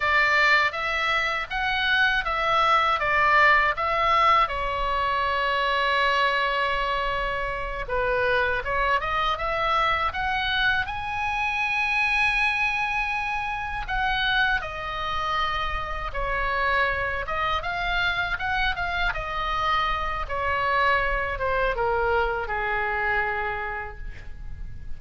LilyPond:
\new Staff \with { instrumentName = "oboe" } { \time 4/4 \tempo 4 = 80 d''4 e''4 fis''4 e''4 | d''4 e''4 cis''2~ | cis''2~ cis''8 b'4 cis''8 | dis''8 e''4 fis''4 gis''4.~ |
gis''2~ gis''8 fis''4 dis''8~ | dis''4. cis''4. dis''8 f''8~ | f''8 fis''8 f''8 dis''4. cis''4~ | cis''8 c''8 ais'4 gis'2 | }